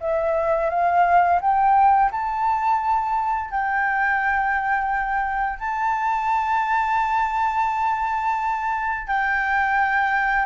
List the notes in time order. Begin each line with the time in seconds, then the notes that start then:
0.00 E5
0.69 F5
1.41 G5
2.11 A5
3.50 G5
5.59 A5
9.07 G5